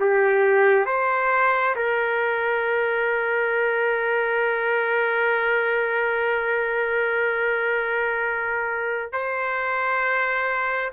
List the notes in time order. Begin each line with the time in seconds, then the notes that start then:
0.00 G4
0.85 C5
1.75 A#4
9.12 C5